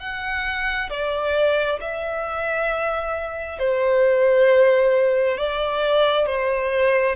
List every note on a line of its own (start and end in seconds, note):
0.00 0.90 F#5
0.90 1.80 D5
1.81 3.59 E5
3.59 5.37 C5
5.37 6.26 D5
6.26 7.16 C5